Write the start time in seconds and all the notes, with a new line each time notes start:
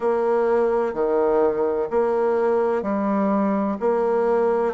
0.00 A#3
0.93 D#3
1.90 A#3
2.82 G3
3.80 A#3